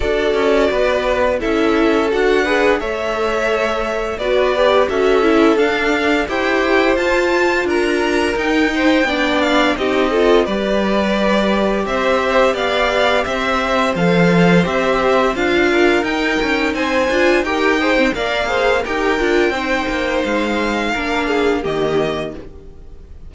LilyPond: <<
  \new Staff \with { instrumentName = "violin" } { \time 4/4 \tempo 4 = 86 d''2 e''4 fis''4 | e''2 d''4 e''4 | f''4 g''4 a''4 ais''4 | g''4. f''8 dis''4 d''4~ |
d''4 e''4 f''4 e''4 | f''4 e''4 f''4 g''4 | gis''4 g''4 f''4 g''4~ | g''4 f''2 dis''4 | }
  \new Staff \with { instrumentName = "violin" } { \time 4/4 a'4 b'4 a'4. b'8 | cis''2 b'4 a'4~ | a'4 c''2 ais'4~ | ais'8 c''8 d''4 g'8 a'8 b'4~ |
b'4 c''4 d''4 c''4~ | c''2~ c''8 ais'4. | c''4 ais'8 c''8 d''8 c''8 ais'4 | c''2 ais'8 gis'8 g'4 | }
  \new Staff \with { instrumentName = "viola" } { \time 4/4 fis'2 e'4 fis'8 gis'8 | a'2 fis'8 g'8 fis'8 e'8 | d'4 g'4 f'2 | dis'4 d'4 dis'8 f'8 g'4~ |
g'1 | a'4 g'4 f'4 dis'4~ | dis'8 f'8 g'8 gis'16 c'16 ais'8 gis'8 g'8 f'8 | dis'2 d'4 ais4 | }
  \new Staff \with { instrumentName = "cello" } { \time 4/4 d'8 cis'8 b4 cis'4 d'4 | a2 b4 cis'4 | d'4 e'4 f'4 d'4 | dis'4 b4 c'4 g4~ |
g4 c'4 b4 c'4 | f4 c'4 d'4 dis'8 cis'8 | c'8 d'8 dis'4 ais4 dis'8 d'8 | c'8 ais8 gis4 ais4 dis4 | }
>>